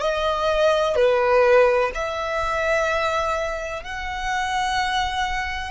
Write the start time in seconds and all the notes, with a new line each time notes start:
0.00 D#5
0.96 B4
1.94 E5
3.83 F#5